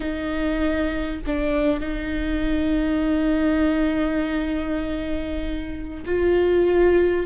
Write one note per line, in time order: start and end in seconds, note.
0.00 1.20 D#4
1.26 1.80 D4
1.80 6.04 D#4
6.05 7.26 F4